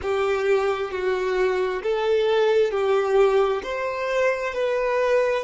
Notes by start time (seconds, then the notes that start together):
0.02 G4
0.91 F#4
1.82 A4
2.71 G4
3.63 C5
4.54 B4